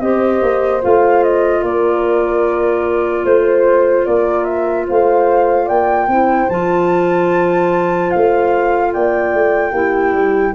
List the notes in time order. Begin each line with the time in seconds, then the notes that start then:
0.00 C4 G4 C5 D#5
0.42 A#3
0.81 A3 F4 F5
1.23 D#5
1.62 A#3 A#4 D5
3.24 A3 C5
4.05 A#3 A#4 D5
4.44 E5
4.87 A3 C5 F5
5.65 A#3 D5 G5
6.07 C4 E4 C5
6.49 F3 F4 A5
8.10 A3 F5
8.93 A#3 D5 G5
9.34 A3
9.71 A#3 E4 G4
10.12 G3